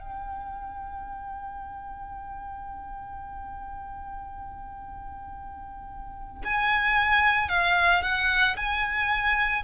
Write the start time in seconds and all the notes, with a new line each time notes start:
0.00 G5
6.45 G#5
7.50 F5
8.03 F#5
8.57 G#5